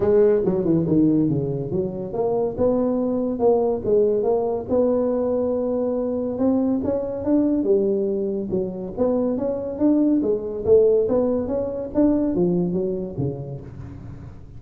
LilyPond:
\new Staff \with { instrumentName = "tuba" } { \time 4/4 \tempo 4 = 141 gis4 fis8 e8 dis4 cis4 | fis4 ais4 b2 | ais4 gis4 ais4 b4~ | b2. c'4 |
cis'4 d'4 g2 | fis4 b4 cis'4 d'4 | gis4 a4 b4 cis'4 | d'4 f4 fis4 cis4 | }